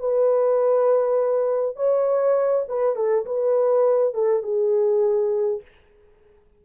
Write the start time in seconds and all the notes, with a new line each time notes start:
0.00 B4
1.77 C#5
2.69 B4
2.96 A4
3.26 B4
4.14 A4
4.43 G#4